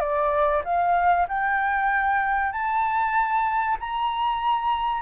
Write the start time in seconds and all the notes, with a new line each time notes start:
0.00 D5
0.65 F5
1.29 G5
2.53 A5
3.80 A#5